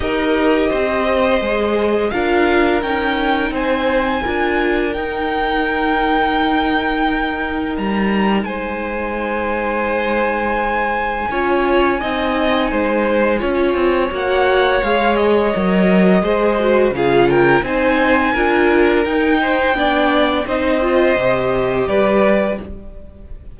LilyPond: <<
  \new Staff \with { instrumentName = "violin" } { \time 4/4 \tempo 4 = 85 dis''2. f''4 | g''4 gis''2 g''4~ | g''2. ais''4 | gis''1~ |
gis''1 | fis''4 f''8 dis''2~ dis''8 | f''8 g''8 gis''2 g''4~ | g''4 dis''2 d''4 | }
  \new Staff \with { instrumentName = "violin" } { \time 4/4 ais'4 c''2 ais'4~ | ais'4 c''4 ais'2~ | ais'1 | c''1 |
cis''4 dis''4 c''4 cis''4~ | cis''2. c''4 | gis'8 ais'8 c''4 ais'4. c''8 | d''4 c''2 b'4 | }
  \new Staff \with { instrumentName = "viola" } { \time 4/4 g'2 gis'4 f'4 | dis'2 f'4 dis'4~ | dis'1~ | dis'1 |
f'4 dis'2 f'4 | fis'4 gis'4 ais'4 gis'8 fis'8 | f'4 dis'4 f'4 dis'4 | d'4 dis'8 f'8 g'2 | }
  \new Staff \with { instrumentName = "cello" } { \time 4/4 dis'4 c'4 gis4 d'4 | cis'4 c'4 d'4 dis'4~ | dis'2. g4 | gis1 |
cis'4 c'4 gis4 cis'8 c'8 | ais4 gis4 fis4 gis4 | cis4 c'4 d'4 dis'4 | b4 c'4 c4 g4 | }
>>